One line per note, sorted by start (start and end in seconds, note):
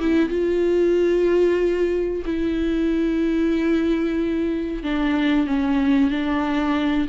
0.00 0.29 E4
0.29 2.23 F4
2.25 4.83 E4
4.83 5.47 D4
5.47 6.10 C#4
6.10 7.07 D4